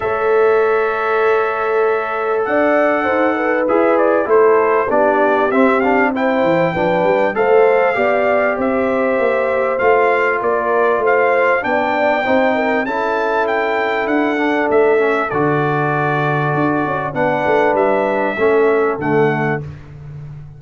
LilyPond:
<<
  \new Staff \with { instrumentName = "trumpet" } { \time 4/4 \tempo 4 = 98 e''1 | fis''2 e''8 d''8 c''4 | d''4 e''8 f''8 g''2 | f''2 e''2 |
f''4 d''4 f''4 g''4~ | g''4 a''4 g''4 fis''4 | e''4 d''2. | fis''4 e''2 fis''4 | }
  \new Staff \with { instrumentName = "horn" } { \time 4/4 cis''1 | d''4 c''8 b'4. a'4 | g'2 c''4 b'4 | c''4 d''4 c''2~ |
c''4 ais'4 c''4 d''4 | c''8 ais'8 a'2.~ | a'1 | b'2 a'2 | }
  \new Staff \with { instrumentName = "trombone" } { \time 4/4 a'1~ | a'2 gis'4 e'4 | d'4 c'8 d'8 e'4 d'4 | a'4 g'2. |
f'2. d'4 | dis'4 e'2~ e'8 d'8~ | d'8 cis'8 fis'2. | d'2 cis'4 a4 | }
  \new Staff \with { instrumentName = "tuba" } { \time 4/4 a1 | d'4 dis'4 e'4 a4 | b4 c'4. e8 f8 g8 | a4 b4 c'4 ais4 |
a4 ais4 a4 b4 | c'4 cis'2 d'4 | a4 d2 d'8 cis'8 | b8 a8 g4 a4 d4 | }
>>